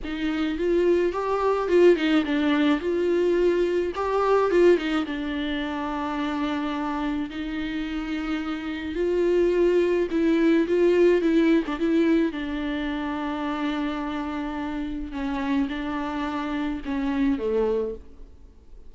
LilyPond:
\new Staff \with { instrumentName = "viola" } { \time 4/4 \tempo 4 = 107 dis'4 f'4 g'4 f'8 dis'8 | d'4 f'2 g'4 | f'8 dis'8 d'2.~ | d'4 dis'2. |
f'2 e'4 f'4 | e'8. d'16 e'4 d'2~ | d'2. cis'4 | d'2 cis'4 a4 | }